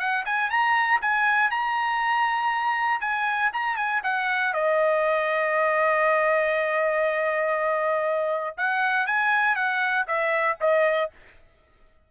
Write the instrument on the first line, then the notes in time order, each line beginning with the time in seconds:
trumpet
0.00 F#5
0.26 G#5
0.50 A#5
1.02 G#5
1.51 A#5
3.01 G#5
3.53 A#5
3.77 G#5
4.04 F#5
4.54 D#5
8.58 F#5
9.07 G#5
9.56 F#5
10.08 E5
10.61 D#5